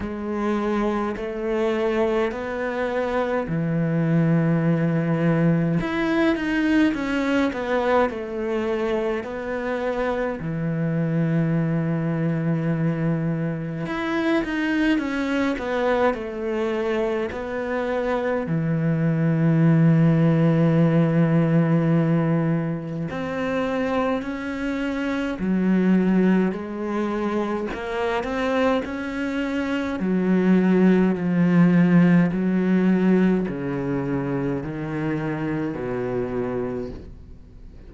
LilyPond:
\new Staff \with { instrumentName = "cello" } { \time 4/4 \tempo 4 = 52 gis4 a4 b4 e4~ | e4 e'8 dis'8 cis'8 b8 a4 | b4 e2. | e'8 dis'8 cis'8 b8 a4 b4 |
e1 | c'4 cis'4 fis4 gis4 | ais8 c'8 cis'4 fis4 f4 | fis4 cis4 dis4 b,4 | }